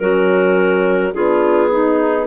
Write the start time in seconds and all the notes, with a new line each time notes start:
0.00 F#3 C#4 F#4 A#4
1.14 B3 D4 F4 G#4
1.72 D#4